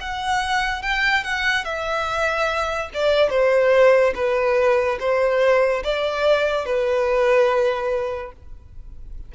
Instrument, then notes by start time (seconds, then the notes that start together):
violin
0.00 F#5
0.82 G5
1.23 F#5
1.64 E5
2.94 D5
3.30 C5
4.15 B4
4.99 C5
5.84 D5
6.65 B4